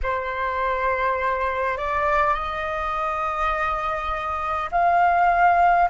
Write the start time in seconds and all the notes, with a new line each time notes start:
0.02 C5
1.77 D5
2.34 D#5
4.71 F5